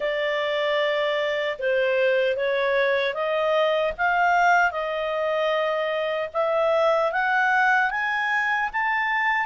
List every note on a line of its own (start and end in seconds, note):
0.00 1.57 D5
1.58 2.36 C5
2.36 3.14 C#5
3.14 3.93 D#5
3.97 4.71 F5
4.71 6.29 D#5
6.33 7.12 E5
7.12 7.90 F#5
7.90 8.69 G#5
8.72 9.46 A5